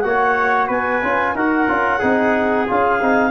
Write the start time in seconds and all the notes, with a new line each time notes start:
0.00 A#3 F#4 F#5
0.07 C#5
0.68 B3 B4 G#5
1.03 C#4 F4
1.34 D#4 F#4 A#4 F#5
1.67 C#4 F4
1.99 C4 D#4 G#4
2.67 C#4 F4 F5
3.01 C4 D#4